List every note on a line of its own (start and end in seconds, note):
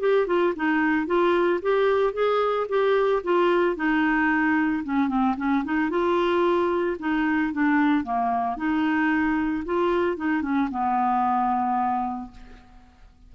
0.00 0.27 G4
0.27 0.54 F4
0.56 1.07 D#4
1.07 1.60 F4
1.62 2.13 G4
2.13 2.67 G#4
2.69 3.23 G4
3.24 3.76 F4
3.76 4.83 D#4
4.84 5.08 C#4
5.08 5.35 C4
5.37 5.64 C#4
5.65 5.90 D#4
5.90 6.97 F4
6.99 7.53 D#4
7.53 8.04 D4
8.04 8.57 A#3
8.57 9.64 D#4
9.65 10.17 F4
10.17 10.42 D#4
10.42 10.69 C#4
10.71 12.32 B3